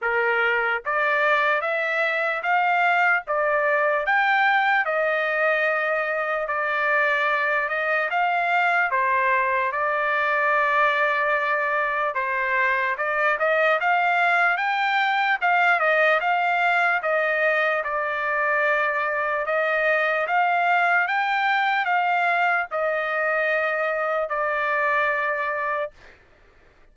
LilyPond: \new Staff \with { instrumentName = "trumpet" } { \time 4/4 \tempo 4 = 74 ais'4 d''4 e''4 f''4 | d''4 g''4 dis''2 | d''4. dis''8 f''4 c''4 | d''2. c''4 |
d''8 dis''8 f''4 g''4 f''8 dis''8 | f''4 dis''4 d''2 | dis''4 f''4 g''4 f''4 | dis''2 d''2 | }